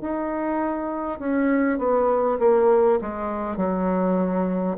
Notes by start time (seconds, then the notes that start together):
0.00 D#4
1.19 C#4
1.78 B3
2.39 A#3
3.01 G#3
3.56 F#3